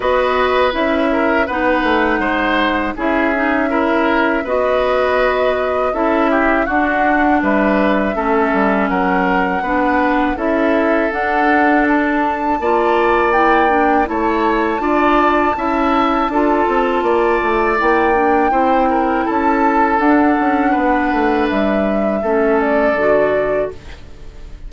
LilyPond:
<<
  \new Staff \with { instrumentName = "flute" } { \time 4/4 \tempo 4 = 81 dis''4 e''4 fis''2 | e''2 dis''2 | e''4 fis''4 e''2 | fis''2 e''4 fis''4 |
a''2 g''4 a''4~ | a''1 | g''2 a''4 fis''4~ | fis''4 e''4. d''4. | }
  \new Staff \with { instrumentName = "oboe" } { \time 4/4 b'4. ais'8 b'4 c''4 | gis'4 ais'4 b'2 | a'8 g'8 fis'4 b'4 a'4 | ais'4 b'4 a'2~ |
a'4 d''2 cis''4 | d''4 e''4 a'4 d''4~ | d''4 c''8 ais'8 a'2 | b'2 a'2 | }
  \new Staff \with { instrumentName = "clarinet" } { \time 4/4 fis'4 e'4 dis'2 | e'8 dis'8 e'4 fis'2 | e'4 d'2 cis'4~ | cis'4 d'4 e'4 d'4~ |
d'4 f'4 e'8 d'8 e'4 | f'4 e'4 f'2 | e'8 d'8 e'2 d'4~ | d'2 cis'4 fis'4 | }
  \new Staff \with { instrumentName = "bassoon" } { \time 4/4 b4 cis'4 b8 a8 gis4 | cis'2 b2 | cis'4 d'4 g4 a8 g8 | fis4 b4 cis'4 d'4~ |
d'4 ais2 a4 | d'4 cis'4 d'8 c'8 ais8 a8 | ais4 c'4 cis'4 d'8 cis'8 | b8 a8 g4 a4 d4 | }
>>